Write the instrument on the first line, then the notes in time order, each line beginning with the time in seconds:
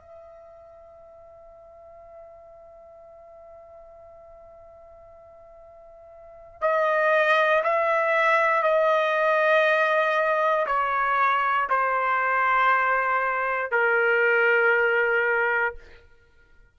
trumpet
0.00 E5
6.61 D#5
7.63 E5
8.62 D#5
10.66 C#5
11.69 C5
13.71 A#4